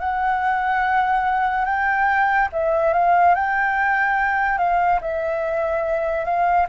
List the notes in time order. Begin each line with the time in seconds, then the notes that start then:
0.00 F#5
1.66 G5
2.53 E5
2.94 F5
3.35 G5
4.58 F5
5.02 E5
6.25 F5